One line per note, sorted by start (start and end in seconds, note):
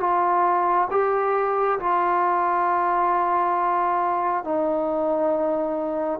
0.00 0.88 F4
0.91 1.79 G4
1.80 4.44 F4
4.44 6.20 D#4